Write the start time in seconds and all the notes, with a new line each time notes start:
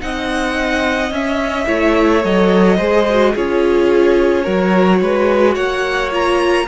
0.00 C4 D#4 D#5 F#5
1.11 C#4 E5
1.67 A3 E4 C#5
2.24 F#3 A4 D#5
2.77 G#3 G#4 C5
3.10 F#4
3.34 C#4 F4 G#4 C#5
4.44 F#3 F#4 A#4
5.02 G#3 B4
5.55 A#3 C#5 F#5
6.11 F4 A#5